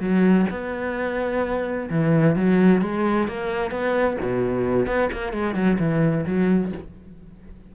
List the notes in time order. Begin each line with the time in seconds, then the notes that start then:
0.00 F#3
0.51 B3
1.90 E3
2.36 F#3
2.81 G#3
3.28 A#3
3.71 B3
4.21 B2
4.86 B3
5.13 A#3
5.32 G#3
5.54 F#3
5.79 E3
6.26 F#3